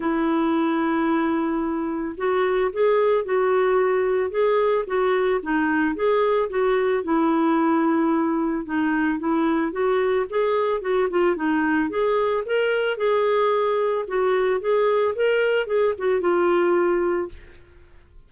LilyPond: \new Staff \with { instrumentName = "clarinet" } { \time 4/4 \tempo 4 = 111 e'1 | fis'4 gis'4 fis'2 | gis'4 fis'4 dis'4 gis'4 | fis'4 e'2. |
dis'4 e'4 fis'4 gis'4 | fis'8 f'8 dis'4 gis'4 ais'4 | gis'2 fis'4 gis'4 | ais'4 gis'8 fis'8 f'2 | }